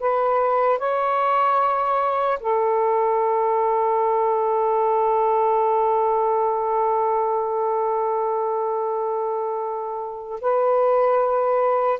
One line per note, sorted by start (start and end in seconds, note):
0.00 0.79 B4
0.79 2.39 C#5
2.40 10.40 A4
10.41 12.00 B4